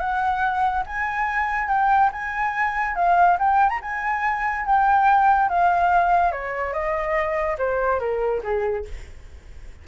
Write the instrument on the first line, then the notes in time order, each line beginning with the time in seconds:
flute
0.00 F#5
0.86 G#5
1.68 G5
2.12 G#5
2.95 F5
3.39 G5
3.69 A#5
3.82 G#5
4.66 G5
5.49 F5
6.32 C#5
6.73 D#5
7.58 C5
7.99 A#4
8.43 G#4